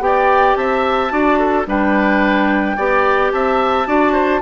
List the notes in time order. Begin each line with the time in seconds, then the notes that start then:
0.00 B3 G4 D5 G5
0.56 C4 E5 A5
1.10 D4 F#4 D5
1.39 A4
1.67 G3 D4 B4 G5
2.77 B3 G4 D5
3.32 C4 E5 A5
3.86 D4 F#4 D5
4.13 C5